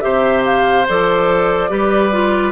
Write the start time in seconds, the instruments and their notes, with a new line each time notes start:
0.00 bassoon C3, clarinet G4, oboe C5, flute E5
0.45 flute F5
0.88 bassoon F3, clarinet A4, flute D5
1.69 bassoon G3, clarinet G4, oboe B4
2.11 clarinet F4